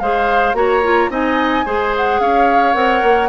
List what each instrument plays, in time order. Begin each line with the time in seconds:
0.00 bassoon G#3, clarinet G#4, oboe C5, flute F5
0.54 bassoon A#3, clarinet F#4, oboe C#5, flute A#5
0.84 clarinet F4
1.10 bassoon C4, clarinet D#4, oboe D#5, flute G#5
1.66 bassoon G#3, clarinet G#4, oboe C5
1.97 flute F#5
2.20 bassoon C#4, oboe C#5, flute F5
2.74 bassoon C4, clarinet A#4, flute F#5
3.03 bassoon A#3